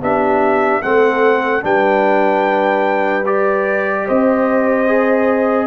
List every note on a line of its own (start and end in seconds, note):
0.00 0.81 B3
0.00 0.82 D4
0.00 0.82 G4
0.00 0.82 E5
0.82 1.63 A3
0.82 1.61 C4
0.82 1.64 A4
0.82 1.63 F#5
1.61 4.07 G3
1.61 3.23 D4
1.61 4.05 B4
1.61 3.26 G5
3.25 4.87 G4
3.25 4.07 D5
4.05 5.66 C4
4.05 5.66 C5
4.05 5.66 D#5
4.87 5.66 G#4